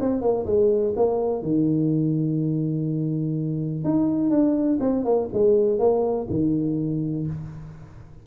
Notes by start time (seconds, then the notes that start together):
0.00 C4
0.21 A#3
0.45 G#3
0.96 A#3
1.42 D#3
3.84 D#4
4.30 D4
4.80 C4
5.04 A#3
5.32 G#3
5.78 A#3
6.29 D#3